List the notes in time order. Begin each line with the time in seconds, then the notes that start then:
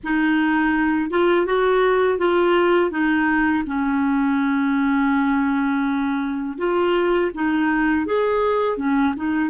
0.03 D#4
1.10 F4
1.45 F#4
2.18 F4
2.91 D#4
3.66 C#4
6.58 F4
7.34 D#4
8.06 G#4
8.77 C#4
9.16 D#4